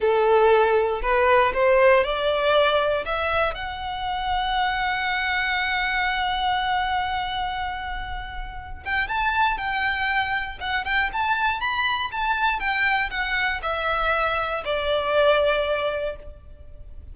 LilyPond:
\new Staff \with { instrumentName = "violin" } { \time 4/4 \tempo 4 = 119 a'2 b'4 c''4 | d''2 e''4 fis''4~ | fis''1~ | fis''1~ |
fis''4. g''8 a''4 g''4~ | g''4 fis''8 g''8 a''4 b''4 | a''4 g''4 fis''4 e''4~ | e''4 d''2. | }